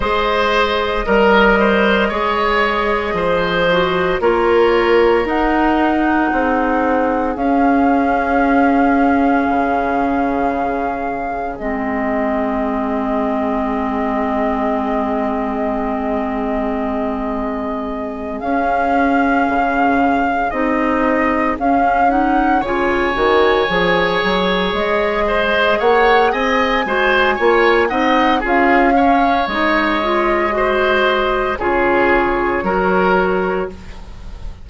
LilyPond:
<<
  \new Staff \with { instrumentName = "flute" } { \time 4/4 \tempo 4 = 57 dis''1 | cis''4 fis''2 f''4~ | f''2. dis''4~ | dis''1~ |
dis''4. f''2 dis''8~ | dis''8 f''8 fis''8 gis''2 dis''8~ | dis''8 fis''8 gis''4. fis''8 f''4 | dis''2 cis''2 | }
  \new Staff \with { instrumentName = "oboe" } { \time 4/4 c''4 ais'8 c''8 cis''4 c''4 | ais'2 gis'2~ | gis'1~ | gis'1~ |
gis'1~ | gis'4. cis''2~ cis''8 | c''8 cis''8 dis''8 c''8 cis''8 dis''8 gis'8 cis''8~ | cis''4 c''4 gis'4 ais'4 | }
  \new Staff \with { instrumentName = "clarinet" } { \time 4/4 gis'4 ais'4 gis'4. fis'8 | f'4 dis'2 cis'4~ | cis'2. c'4~ | c'1~ |
c'4. cis'2 dis'8~ | dis'8 cis'8 dis'8 f'8 fis'8 gis'4.~ | gis'4. fis'8 f'8 dis'8 f'8 cis'8 | dis'8 f'8 fis'4 f'4 fis'4 | }
  \new Staff \with { instrumentName = "bassoon" } { \time 4/4 gis4 g4 gis4 f4 | ais4 dis'4 c'4 cis'4~ | cis'4 cis2 gis4~ | gis1~ |
gis4. cis'4 cis4 c'8~ | c'8 cis'4 cis8 dis8 f8 fis8 gis8~ | gis8 ais8 c'8 gis8 ais8 c'8 cis'4 | gis2 cis4 fis4 | }
>>